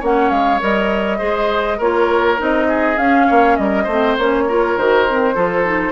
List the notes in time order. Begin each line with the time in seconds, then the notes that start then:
0.00 A#3 C#4 C#5 F#5
0.30 G#3 F5
0.61 G3 A#4 D#5
1.19 G#3 G#4 C5
1.78 A#3 F4 A#4 C#5
2.38 C4 D#4 D#5
2.69 G#4
2.97 C#4 F5
3.27 A#3 C#5
3.57 G3 A#4 D#5
3.84 A3 C5
3.92 C4
4.18 A#3 C#4 C#5
4.49 F4 A#4
4.77 D#3 F#4 C5
5.09 C4
5.35 F3 F4 A4
5.65 D#4